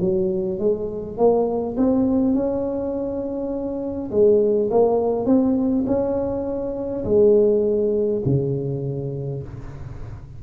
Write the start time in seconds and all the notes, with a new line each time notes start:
0.00 F#3
0.59 G#3
1.17 A#3
1.77 C4
2.34 C#4
4.11 G#3
4.71 A#3
5.26 C4
5.87 C#4
7.05 G#3
8.26 C#3